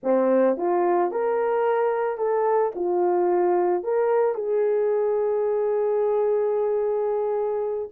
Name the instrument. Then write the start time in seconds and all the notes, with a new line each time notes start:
horn
0.03 C4
0.57 F4
1.11 A#4
2.17 A4
2.75 F4
3.83 A#4
4.34 G#4